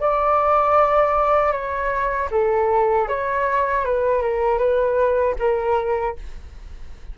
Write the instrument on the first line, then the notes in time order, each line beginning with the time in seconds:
flute
0.00 D5
1.52 C#5
2.31 A4
3.08 C#5
3.85 B4
4.22 A#4
4.58 B4
5.39 A#4